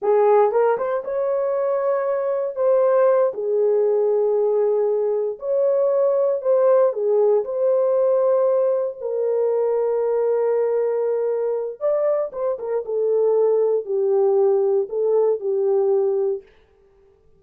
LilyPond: \new Staff \with { instrumentName = "horn" } { \time 4/4 \tempo 4 = 117 gis'4 ais'8 c''8 cis''2~ | cis''4 c''4. gis'4.~ | gis'2~ gis'8 cis''4.~ | cis''8 c''4 gis'4 c''4.~ |
c''4. ais'2~ ais'8~ | ais'2. d''4 | c''8 ais'8 a'2 g'4~ | g'4 a'4 g'2 | }